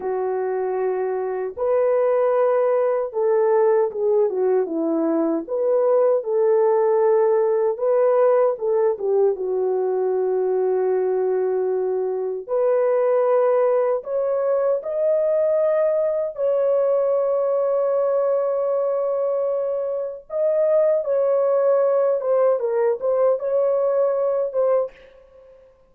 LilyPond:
\new Staff \with { instrumentName = "horn" } { \time 4/4 \tempo 4 = 77 fis'2 b'2 | a'4 gis'8 fis'8 e'4 b'4 | a'2 b'4 a'8 g'8 | fis'1 |
b'2 cis''4 dis''4~ | dis''4 cis''2.~ | cis''2 dis''4 cis''4~ | cis''8 c''8 ais'8 c''8 cis''4. c''8 | }